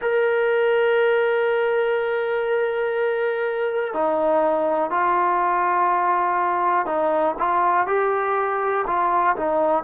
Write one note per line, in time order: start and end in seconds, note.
0.01 3.93 A#4
3.93 4.90 D#4
4.90 6.86 F4
6.86 7.35 D#4
7.39 7.86 F4
7.86 8.85 G4
8.87 9.36 F4
9.36 9.83 D#4